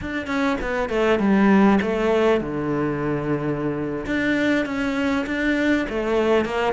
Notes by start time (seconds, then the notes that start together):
0.01 D4
0.26 C#4
0.61 B3
0.89 A3
1.19 G3
1.81 A3
2.40 D3
4.06 D4
4.65 C#4
5.26 D4
5.89 A3
6.45 A#3